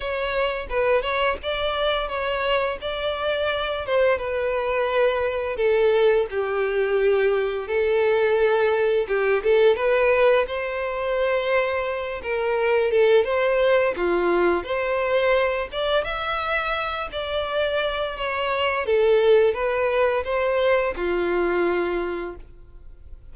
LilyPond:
\new Staff \with { instrumentName = "violin" } { \time 4/4 \tempo 4 = 86 cis''4 b'8 cis''8 d''4 cis''4 | d''4. c''8 b'2 | a'4 g'2 a'4~ | a'4 g'8 a'8 b'4 c''4~ |
c''4. ais'4 a'8 c''4 | f'4 c''4. d''8 e''4~ | e''8 d''4. cis''4 a'4 | b'4 c''4 f'2 | }